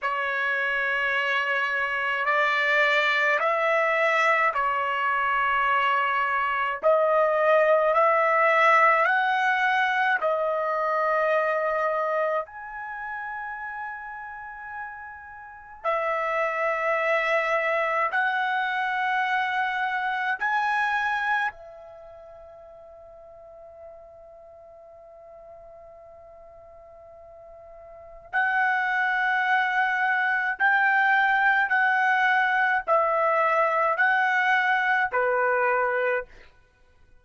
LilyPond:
\new Staff \with { instrumentName = "trumpet" } { \time 4/4 \tempo 4 = 53 cis''2 d''4 e''4 | cis''2 dis''4 e''4 | fis''4 dis''2 gis''4~ | gis''2 e''2 |
fis''2 gis''4 e''4~ | e''1~ | e''4 fis''2 g''4 | fis''4 e''4 fis''4 b'4 | }